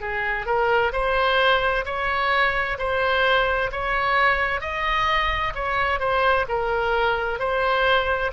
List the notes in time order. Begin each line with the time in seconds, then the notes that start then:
0.00 G#4
0.46 A#4
0.92 C5
1.85 C#5
2.78 C5
3.71 C#5
4.61 D#5
5.55 C#5
5.99 C5
6.48 A#4
7.39 C5